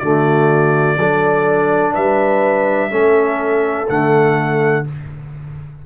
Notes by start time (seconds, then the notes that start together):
0.00 D3 A3 F#4 D5
0.98 F#3 D4 A4
1.94 G3 B4 E5
2.91 A3 C#4 A4
3.89 D3 A3 F#5